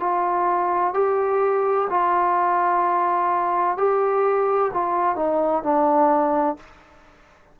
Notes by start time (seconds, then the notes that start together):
0.00 F4
0.94 G4
1.90 F4
3.78 G4
4.73 F4
5.16 D#4
5.63 D4